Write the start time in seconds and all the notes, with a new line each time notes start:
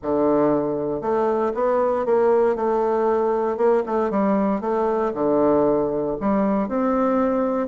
0.02 D3
1.01 A3
1.54 B3
2.05 A#3
2.55 A3
3.57 A#3
3.86 A3
4.10 G3
4.61 A3
5.14 D3
6.20 G3
6.68 C4